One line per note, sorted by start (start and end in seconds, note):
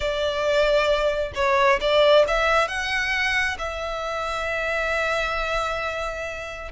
0.00 1.32 D5
1.34 1.79 C#5
1.80 2.25 D5
2.27 2.67 E5
2.67 3.57 F#5
3.58 6.71 E5